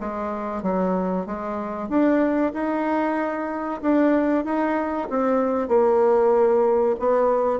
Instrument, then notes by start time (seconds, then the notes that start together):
bassoon
0.00 G#3
0.62 F#3
1.26 G#3
1.89 D4
2.53 D#4
3.82 D4
4.44 D#4
5.10 C4
5.68 A#3
6.99 B3